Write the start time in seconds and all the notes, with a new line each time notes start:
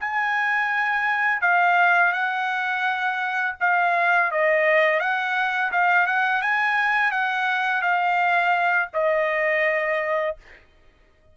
0.00 G#5
1.42 F5
2.13 F#5
3.60 F5
4.31 D#5
5.00 F#5
5.72 F5
6.06 F#5
6.42 G#5
7.11 F#5
7.81 F5
8.94 D#5